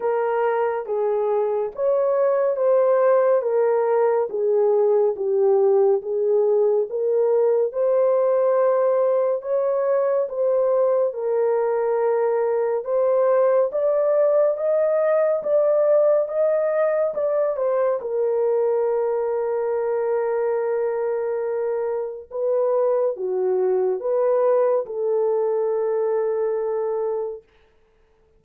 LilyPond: \new Staff \with { instrumentName = "horn" } { \time 4/4 \tempo 4 = 70 ais'4 gis'4 cis''4 c''4 | ais'4 gis'4 g'4 gis'4 | ais'4 c''2 cis''4 | c''4 ais'2 c''4 |
d''4 dis''4 d''4 dis''4 | d''8 c''8 ais'2.~ | ais'2 b'4 fis'4 | b'4 a'2. | }